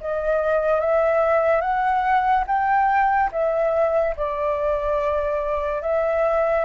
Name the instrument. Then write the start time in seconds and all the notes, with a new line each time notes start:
flute
0.00 D#5
0.80 E5
1.61 F#5
2.47 G5
3.31 E5
4.16 D5
5.81 E5